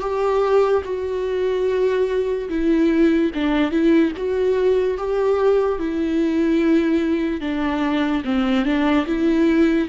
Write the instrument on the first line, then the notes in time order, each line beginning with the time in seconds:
viola
0.00 G4
0.84 F#4
2.49 E4
3.34 D4
3.71 E4
4.17 F#4
4.98 G4
5.79 E4
7.40 D4
8.24 C4
8.65 D4
9.06 E4